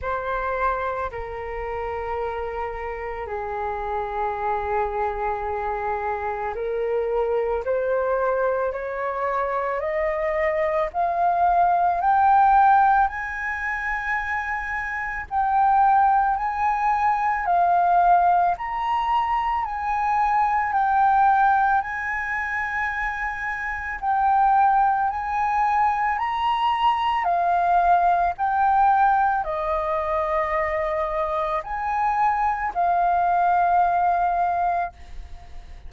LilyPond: \new Staff \with { instrumentName = "flute" } { \time 4/4 \tempo 4 = 55 c''4 ais'2 gis'4~ | gis'2 ais'4 c''4 | cis''4 dis''4 f''4 g''4 | gis''2 g''4 gis''4 |
f''4 ais''4 gis''4 g''4 | gis''2 g''4 gis''4 | ais''4 f''4 g''4 dis''4~ | dis''4 gis''4 f''2 | }